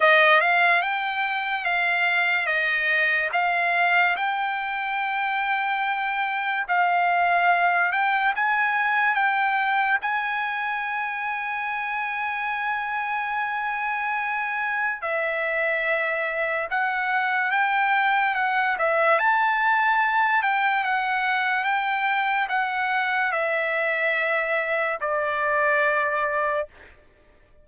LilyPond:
\new Staff \with { instrumentName = "trumpet" } { \time 4/4 \tempo 4 = 72 dis''8 f''8 g''4 f''4 dis''4 | f''4 g''2. | f''4. g''8 gis''4 g''4 | gis''1~ |
gis''2 e''2 | fis''4 g''4 fis''8 e''8 a''4~ | a''8 g''8 fis''4 g''4 fis''4 | e''2 d''2 | }